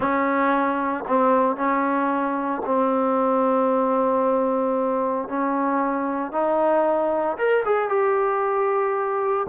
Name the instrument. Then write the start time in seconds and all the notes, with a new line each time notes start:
trombone
0.00 C#4
1.07 C4
1.56 C#4
2.65 C4
5.28 C#4
6.32 D#4
7.37 A#4
7.65 G#4
7.89 G4